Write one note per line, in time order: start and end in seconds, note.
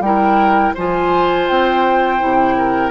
0.00 0.72 G3
0.00 0.76 E4
0.00 0.75 A#4
0.00 0.74 G5
0.75 1.50 F3
0.75 2.19 F4
0.75 2.55 C5
0.75 1.48 G#5
1.48 2.22 C4
1.48 2.91 G5
2.19 2.91 C3
2.19 2.91 E4
2.57 2.91 A#4